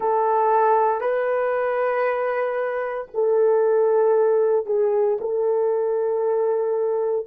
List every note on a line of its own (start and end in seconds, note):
0.00 1.01 A4
1.01 3.08 B4
3.14 4.66 A4
4.66 5.17 G#4
5.20 7.26 A4